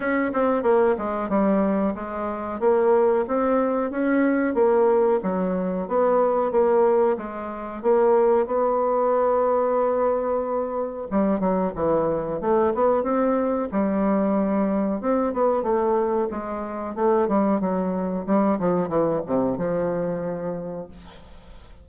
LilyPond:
\new Staff \with { instrumentName = "bassoon" } { \time 4/4 \tempo 4 = 92 cis'8 c'8 ais8 gis8 g4 gis4 | ais4 c'4 cis'4 ais4 | fis4 b4 ais4 gis4 | ais4 b2.~ |
b4 g8 fis8 e4 a8 b8 | c'4 g2 c'8 b8 | a4 gis4 a8 g8 fis4 | g8 f8 e8 c8 f2 | }